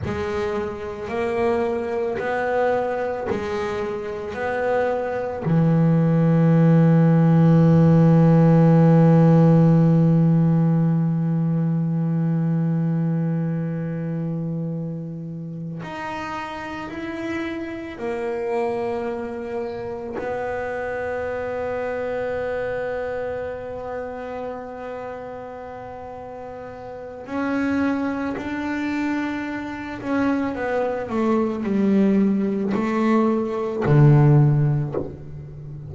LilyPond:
\new Staff \with { instrumentName = "double bass" } { \time 4/4 \tempo 4 = 55 gis4 ais4 b4 gis4 | b4 e2.~ | e1~ | e2~ e8 dis'4 e'8~ |
e'8 ais2 b4.~ | b1~ | b4 cis'4 d'4. cis'8 | b8 a8 g4 a4 d4 | }